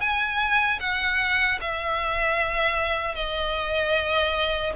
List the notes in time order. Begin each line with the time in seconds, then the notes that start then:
0.00 G#5
0.80 F#5
1.60 E5
3.15 D#5